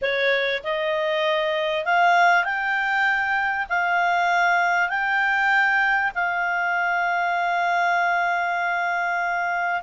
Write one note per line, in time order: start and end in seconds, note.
0.01 0.63 C#5
0.63 1.85 D#5
1.85 2.44 F5
2.44 3.67 G5
3.69 4.89 F5
4.89 6.11 G5
6.14 9.82 F5